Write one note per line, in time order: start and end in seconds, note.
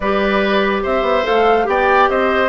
0.00 0.84 G3
0.00 1.23 G4
0.00 0.82 B4
0.00 0.82 D5
0.82 1.02 C4
0.82 1.66 C5
0.82 1.26 E5
1.02 1.23 B3
1.23 1.67 A3
1.23 1.64 A4
1.23 1.68 F5
1.64 2.09 B3
1.64 2.48 G4
1.64 2.10 D5
1.64 2.09 G5
2.09 2.49 C4
2.09 2.49 C5
2.09 2.49 D#5